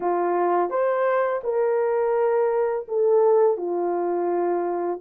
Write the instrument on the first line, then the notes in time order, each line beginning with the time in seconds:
horn
0.00 F4
0.69 C5
1.43 A#4
2.87 A4
3.57 F4